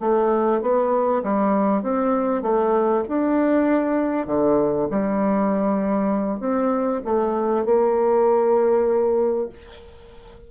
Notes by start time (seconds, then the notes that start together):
0.00 A3
0.61 B3
1.23 G3
1.82 C4
2.42 A3
3.08 D4
4.26 D3
4.90 G3
6.40 C4
7.05 A3
7.65 A#3